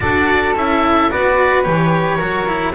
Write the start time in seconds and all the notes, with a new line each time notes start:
0.00 D4 F#4 A4 D5
0.55 C#4 E4 E5
1.10 B3 F#4 B4 D5
1.63 E3 G4 C#5
2.17 F#3 F#4 A#4
2.46 E4